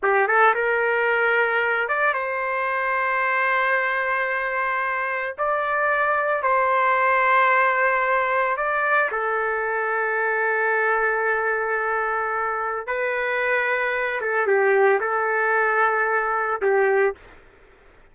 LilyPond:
\new Staff \with { instrumentName = "trumpet" } { \time 4/4 \tempo 4 = 112 g'8 a'8 ais'2~ ais'8 d''8 | c''1~ | c''2 d''2 | c''1 |
d''4 a'2.~ | a'1 | b'2~ b'8 a'8 g'4 | a'2. g'4 | }